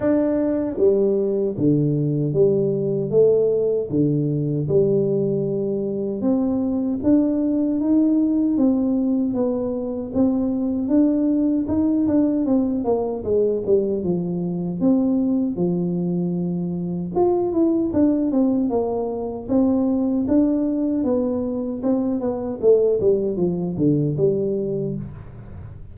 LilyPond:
\new Staff \with { instrumentName = "tuba" } { \time 4/4 \tempo 4 = 77 d'4 g4 d4 g4 | a4 d4 g2 | c'4 d'4 dis'4 c'4 | b4 c'4 d'4 dis'8 d'8 |
c'8 ais8 gis8 g8 f4 c'4 | f2 f'8 e'8 d'8 c'8 | ais4 c'4 d'4 b4 | c'8 b8 a8 g8 f8 d8 g4 | }